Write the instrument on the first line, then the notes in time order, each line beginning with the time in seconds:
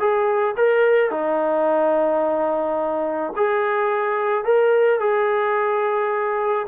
trombone
0.00 G#4
0.57 A#4
1.11 D#4
3.36 G#4
4.45 A#4
5.00 G#4